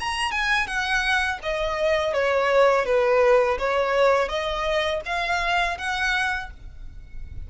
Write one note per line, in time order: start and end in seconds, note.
0.00 0.32 A#5
0.32 0.67 G#5
0.67 1.39 F#5
1.43 2.14 D#5
2.14 2.86 C#5
2.86 3.58 B4
3.59 4.29 C#5
4.29 5.01 D#5
5.06 5.78 F5
5.78 6.50 F#5